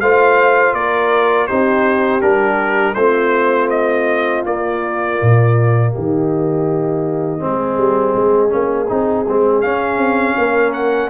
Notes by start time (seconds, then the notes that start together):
0.00 A3 F4 C5 F5
0.74 A#3 A#4 D5
1.47 C4 D#4 G4 C5
2.21 G3 D4 A#4
2.94 A3 C4 F4 C5
3.70 D#5
4.46 A#3 D5
5.22 A#2
5.92 D#3 G4 D#5
7.40 G#3 C4 G#4
7.78 G3
8.16 G#3
8.49 A#3 C#4
8.89 C4 D#4
9.28 G#3 C4
9.61 C#4 F5
9.97 C4
10.37 A#3 A#4
10.73 F#5